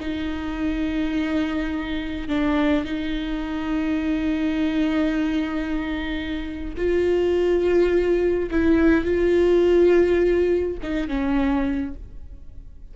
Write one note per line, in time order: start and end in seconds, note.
0.00 2.28 D#4
2.28 2.85 D4
2.85 6.74 D#4
6.77 8.50 F4
8.51 9.05 E4
9.05 10.78 F4
10.83 11.08 D#4
11.08 11.94 C#4